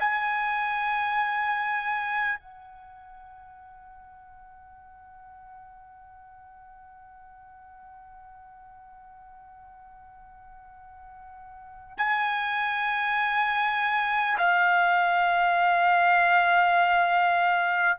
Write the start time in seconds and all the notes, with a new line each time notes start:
0.00 G#5
2.40 F#5
11.98 G#5
14.39 F5